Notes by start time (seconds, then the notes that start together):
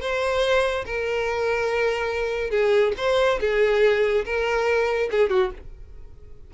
0.00 C5
0.85 A#4
2.50 G#4
2.97 C5
3.40 G#4
4.25 A#4
5.11 G#4
5.29 F#4